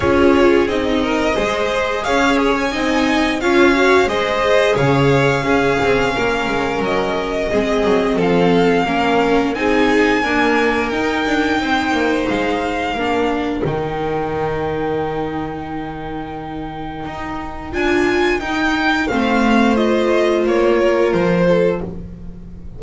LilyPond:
<<
  \new Staff \with { instrumentName = "violin" } { \time 4/4 \tempo 4 = 88 cis''4 dis''2 f''8 gis'16 gis''16~ | gis''4 f''4 dis''4 f''4~ | f''2 dis''2 | f''2 gis''2 |
g''2 f''2 | g''1~ | g''2 gis''4 g''4 | f''4 dis''4 cis''4 c''4 | }
  \new Staff \with { instrumentName = "violin" } { \time 4/4 gis'4. ais'8 c''4 cis''4 | dis''4 cis''4 c''4 cis''4 | gis'4 ais'2 gis'4 | a'4 ais'4 gis'4 ais'4~ |
ais'4 c''2 ais'4~ | ais'1~ | ais'1 | c''2~ c''8 ais'4 a'8 | }
  \new Staff \with { instrumentName = "viola" } { \time 4/4 f'4 dis'4 gis'2 | dis'4 f'8 fis'8 gis'2 | cis'2. c'4~ | c'4 cis'4 dis'4 ais4 |
dis'2. d'4 | dis'1~ | dis'2 f'4 dis'4 | c'4 f'2. | }
  \new Staff \with { instrumentName = "double bass" } { \time 4/4 cis'4 c'4 gis4 cis'4 | c'4 cis'4 gis4 cis4 | cis'8 c'8 ais8 gis8 fis4 gis8 fis8 | f4 ais4 c'4 d'4 |
dis'8 d'8 c'8 ais8 gis4 ais4 | dis1~ | dis4 dis'4 d'4 dis'4 | a2 ais4 f4 | }
>>